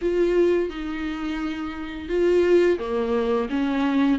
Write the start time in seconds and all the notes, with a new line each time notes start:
0.01 F4
0.69 D#4
2.08 F4
2.78 A#3
3.49 C#4